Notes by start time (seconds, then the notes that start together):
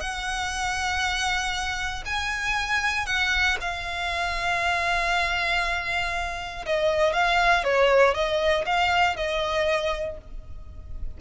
0.00 F#5
2.05 G#5
3.06 F#5
3.60 F5
6.66 D#5
7.13 F5
7.64 C#5
8.14 D#5
8.66 F5
9.16 D#5